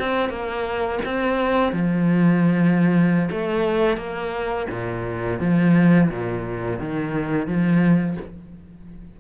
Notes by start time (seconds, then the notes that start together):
0.00 C4
0.30 A#3
1.06 C4
1.73 F3
3.32 A3
3.97 A#3
4.71 A#2
5.40 F3
6.10 A#2
6.80 D#3
7.47 F3